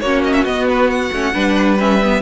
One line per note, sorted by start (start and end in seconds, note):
0.00 0.44 A#3
0.00 0.46 C#4
0.00 1.34 F#4
0.00 0.22 C#5
0.24 0.33 D#5
0.33 0.44 E5
0.44 1.10 B3
0.44 1.12 B3
0.44 0.67 D#5
0.69 0.90 B4
0.90 1.78 F#5
1.12 1.34 A3
1.12 1.33 C#4
1.33 2.21 G3
1.33 1.77 D4
1.33 2.21 B4
1.79 2.01 C#4
1.79 2.21 E5
2.02 2.21 B3